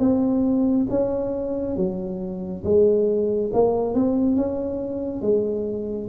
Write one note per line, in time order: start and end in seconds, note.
0.00 0.87 C4
0.90 1.77 C#4
1.77 2.64 F#3
2.64 3.51 G#3
3.53 3.94 A#3
3.94 4.36 C4
4.36 5.22 C#4
5.22 6.09 G#3